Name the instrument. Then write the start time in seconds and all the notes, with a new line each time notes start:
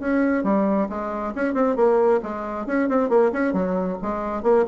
bassoon
0.00 C#4
0.44 G3
0.89 G#3
1.35 C#4
1.54 C4
1.76 A#3
2.23 G#3
2.67 C#4
2.89 C4
3.09 A#3
3.33 C#4
3.54 F#3
4.02 G#3
4.43 A#3